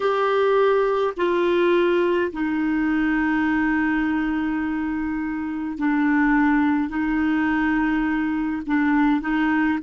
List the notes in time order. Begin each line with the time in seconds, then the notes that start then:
0.00 G4
1.16 F4
2.32 D#4
5.77 D4
6.89 D#4
8.66 D4
9.20 D#4